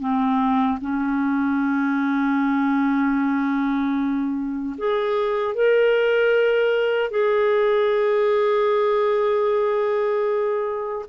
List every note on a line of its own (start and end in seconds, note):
0.00 0.79 C4
0.81 4.76 C#4
4.78 5.55 G#4
5.55 7.11 A#4
7.11 11.06 G#4